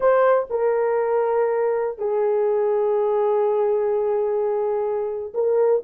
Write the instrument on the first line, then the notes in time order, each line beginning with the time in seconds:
horn
0.00 C5
0.50 A#4
1.98 G#4
5.34 A#4